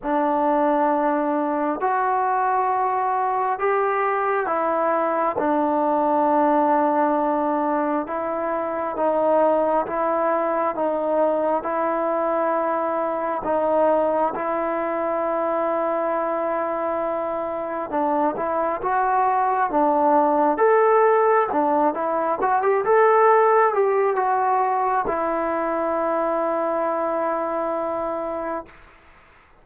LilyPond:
\new Staff \with { instrumentName = "trombone" } { \time 4/4 \tempo 4 = 67 d'2 fis'2 | g'4 e'4 d'2~ | d'4 e'4 dis'4 e'4 | dis'4 e'2 dis'4 |
e'1 | d'8 e'8 fis'4 d'4 a'4 | d'8 e'8 fis'16 g'16 a'4 g'8 fis'4 | e'1 | }